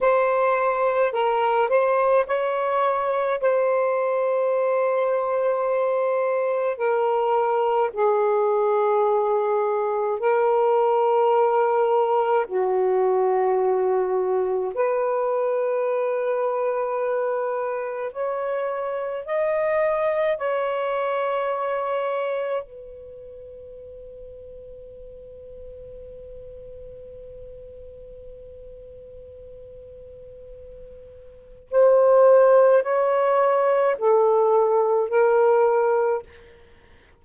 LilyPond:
\new Staff \with { instrumentName = "saxophone" } { \time 4/4 \tempo 4 = 53 c''4 ais'8 c''8 cis''4 c''4~ | c''2 ais'4 gis'4~ | gis'4 ais'2 fis'4~ | fis'4 b'2. |
cis''4 dis''4 cis''2 | b'1~ | b'1 | c''4 cis''4 a'4 ais'4 | }